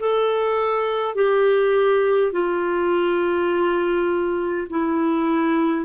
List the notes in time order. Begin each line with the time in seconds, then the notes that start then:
0.00 A4
1.16 G4
2.33 F4
4.70 E4